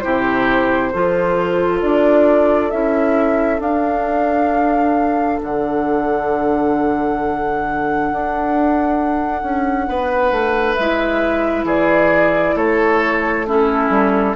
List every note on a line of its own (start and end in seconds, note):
0.00 0.94 C3
0.00 0.92 E4
0.00 0.92 G4
0.00 1.79 C5
0.92 1.82 F3
0.92 2.71 F4
0.92 9.88 A4
1.82 2.72 D4
1.82 2.71 D5
2.71 3.60 C#4
2.71 3.60 E4
2.71 3.60 E5
3.60 5.39 D4
3.60 10.77 D4
3.60 5.41 F5
5.43 8.12 D3
5.43 10.75 F#5
8.12 9.43 D4
9.43 9.87 C#4
9.89 10.32 B3
9.89 11.66 B4
10.32 10.76 A3
10.75 11.64 G#3
10.75 13.47 E4
10.75 11.65 E5
11.64 12.53 E3
11.64 12.55 G#4
11.64 12.57 D5
12.56 13.90 A3
12.56 13.46 A4
12.56 13.47 C#5
13.47 14.36 C#4
13.47 14.36 E4
13.47 14.36 A4
13.90 14.35 G3